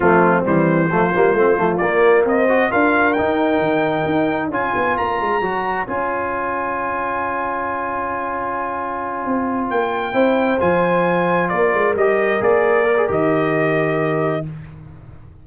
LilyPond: <<
  \new Staff \with { instrumentName = "trumpet" } { \time 4/4 \tempo 4 = 133 f'4 c''2. | d''4 dis''4 f''4 g''4~ | g''2 gis''4 ais''4~ | ais''4 gis''2.~ |
gis''1~ | gis''4. g''2 gis''8~ | gis''4. d''4 dis''4 d''8~ | d''4 dis''2. | }
  \new Staff \with { instrumentName = "horn" } { \time 4/4 c'2 f'2~ | f'4 c''4 ais'2~ | ais'2 cis''2~ | cis''1~ |
cis''1~ | cis''2~ cis''8 c''4.~ | c''4. ais'2~ ais'8~ | ais'1 | }
  \new Staff \with { instrumentName = "trombone" } { \time 4/4 a4 g4 a8 ais8 c'8 a8 | ais4. fis'8 f'4 dis'4~ | dis'2 f'2 | fis'4 f'2.~ |
f'1~ | f'2~ f'8 e'4 f'8~ | f'2~ f'8 g'4 gis'8~ | gis'8 ais'16 gis'16 g'2. | }
  \new Staff \with { instrumentName = "tuba" } { \time 4/4 f4 e4 f8 g8 a8 f8 | ais4 c'4 d'4 dis'4 | dis4 dis'4 cis'8 b8 ais8 gis8 | fis4 cis'2.~ |
cis'1~ | cis'8 c'4 ais4 c'4 f8~ | f4. ais8 gis8 g4 ais8~ | ais4 dis2. | }
>>